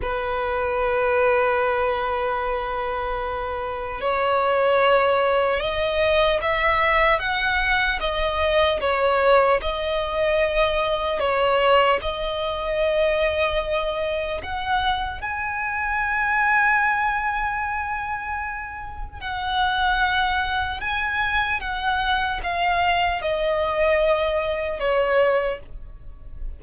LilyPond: \new Staff \with { instrumentName = "violin" } { \time 4/4 \tempo 4 = 75 b'1~ | b'4 cis''2 dis''4 | e''4 fis''4 dis''4 cis''4 | dis''2 cis''4 dis''4~ |
dis''2 fis''4 gis''4~ | gis''1 | fis''2 gis''4 fis''4 | f''4 dis''2 cis''4 | }